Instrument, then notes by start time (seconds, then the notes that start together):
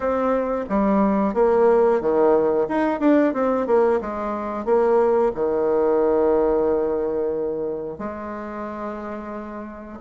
bassoon
0.00 C4
0.69 G3
1.34 A#3
2.00 D#3
2.68 D#4
3.00 D4
3.33 C4
3.66 A#3
4.00 G#3
4.65 A#3
5.35 D#3
7.98 G#3